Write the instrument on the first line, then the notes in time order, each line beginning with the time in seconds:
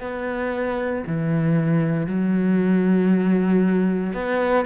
cello
0.00 B3
1.06 E3
2.06 F#3
4.13 B3